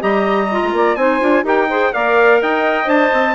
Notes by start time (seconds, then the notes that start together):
0.00 G3 G4 D#5 A#5
0.51 F4
0.62 G#3
0.73 A#3 D5
0.95 C4 D#4 C5 G#5
1.20 D4 F4
1.43 D#4 G4 A#4 G5
1.69 G#4 C5
1.92 A#3 A#4 D5 F5
2.41 D#4 D#5 G5
2.85 D4 C5 A5
3.13 C4